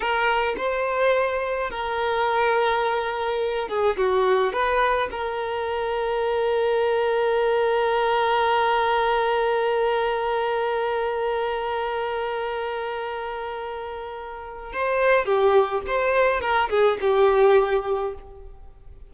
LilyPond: \new Staff \with { instrumentName = "violin" } { \time 4/4 \tempo 4 = 106 ais'4 c''2 ais'4~ | ais'2~ ais'8 gis'8 fis'4 | b'4 ais'2.~ | ais'1~ |
ais'1~ | ais'1~ | ais'2 c''4 g'4 | c''4 ais'8 gis'8 g'2 | }